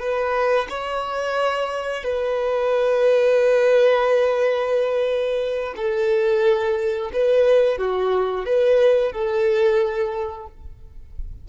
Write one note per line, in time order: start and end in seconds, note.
0.00 0.67 B4
0.69 2.03 C#5
2.03 5.74 B4
5.76 7.11 A4
7.13 7.78 B4
7.78 8.45 F#4
8.45 9.12 B4
9.12 10.47 A4